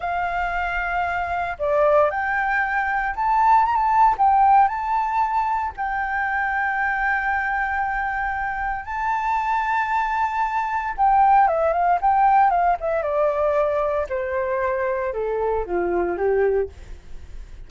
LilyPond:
\new Staff \with { instrumentName = "flute" } { \time 4/4 \tempo 4 = 115 f''2. d''4 | g''2 a''4 ais''16 a''8. | g''4 a''2 g''4~ | g''1~ |
g''4 a''2.~ | a''4 g''4 e''8 f''8 g''4 | f''8 e''8 d''2 c''4~ | c''4 a'4 f'4 g'4 | }